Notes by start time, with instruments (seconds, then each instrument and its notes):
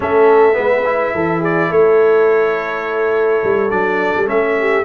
0.00 tuba A3, trombone C#4, horn A4, trumpet E5
0.53 tuba G#3, trombone B3, horn B4
0.85 trombone E4
1.14 tuba E3, horn A4
1.39 horn G#4, trumpet D5
1.68 tuba A3, horn A4, trumpet C#5
3.43 tuba G3
3.69 tuba F#3, trombone D4, trumpet D5
4.16 tuba G3
4.26 tuba A3, trombone C#4, trumpet E5
4.59 horn G4